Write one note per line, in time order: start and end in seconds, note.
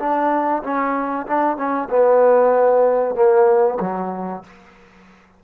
0.00 0.63 D4
0.64 1.27 C#4
1.27 1.58 D4
1.58 1.89 C#4
1.90 3.16 B3
3.16 3.79 A#3
3.81 4.44 F#3